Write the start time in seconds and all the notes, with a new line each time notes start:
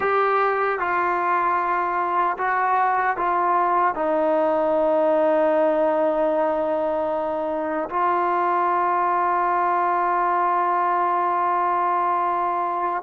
0.00 G4
0.79 F4
2.37 F#4
3.17 F4
3.94 D#4
7.89 F4